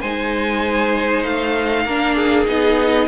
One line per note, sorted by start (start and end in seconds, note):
0.00 1.24 G#3
0.00 1.87 D#4
0.00 1.84 C5
0.00 1.23 G#5
1.23 1.84 A3
1.23 2.45 F5
1.84 2.46 A#3
1.84 2.45 D4
1.84 2.15 A#4
2.15 3.07 G#4
2.45 3.07 B3
2.45 3.07 D#4
2.45 3.07 D#5